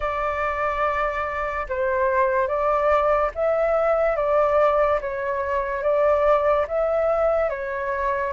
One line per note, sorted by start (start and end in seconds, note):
0.00 1.67 D5
1.68 2.47 C5
2.47 3.30 D5
3.34 4.16 E5
4.16 4.99 D5
5.00 5.83 C#5
5.83 6.66 D5
6.67 7.49 E5
7.49 8.33 C#5